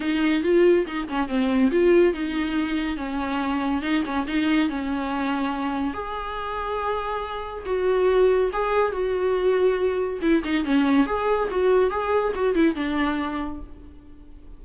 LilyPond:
\new Staff \with { instrumentName = "viola" } { \time 4/4 \tempo 4 = 141 dis'4 f'4 dis'8 cis'8 c'4 | f'4 dis'2 cis'4~ | cis'4 dis'8 cis'8 dis'4 cis'4~ | cis'2 gis'2~ |
gis'2 fis'2 | gis'4 fis'2. | e'8 dis'8 cis'4 gis'4 fis'4 | gis'4 fis'8 e'8 d'2 | }